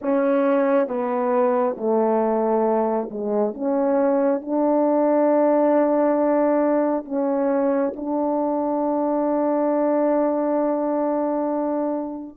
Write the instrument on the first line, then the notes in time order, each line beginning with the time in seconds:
horn
0.01 C#4
0.87 B3
1.77 A3
3.10 G#3
3.54 C#4
4.41 D4
7.05 C#4
7.95 D4